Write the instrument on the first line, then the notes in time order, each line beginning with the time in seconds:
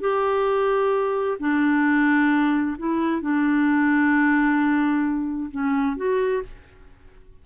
clarinet
0.00 G4
1.39 D4
2.78 E4
3.21 D4
5.51 C#4
5.96 F#4